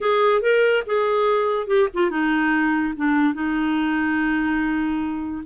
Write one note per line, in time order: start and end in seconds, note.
0.00 0.41 G#4
0.41 0.83 A#4
0.86 1.67 G#4
1.67 1.88 G4
1.93 2.10 F4
2.10 2.94 D#4
2.96 3.34 D4
3.34 5.44 D#4